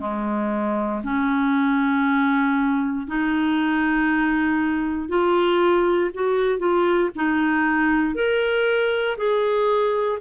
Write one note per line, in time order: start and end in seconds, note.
0.00 1.02 G#3
1.04 3.07 C#4
3.07 5.09 D#4
5.09 6.11 F4
6.14 6.59 F#4
6.59 7.10 F4
7.16 8.15 D#4
8.15 9.17 A#4
9.17 10.19 G#4